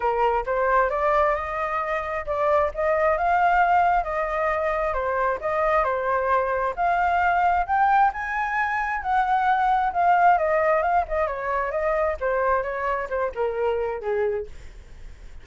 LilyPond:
\new Staff \with { instrumentName = "flute" } { \time 4/4 \tempo 4 = 133 ais'4 c''4 d''4 dis''4~ | dis''4 d''4 dis''4 f''4~ | f''4 dis''2 c''4 | dis''4 c''2 f''4~ |
f''4 g''4 gis''2 | fis''2 f''4 dis''4 | f''8 dis''8 cis''4 dis''4 c''4 | cis''4 c''8 ais'4. gis'4 | }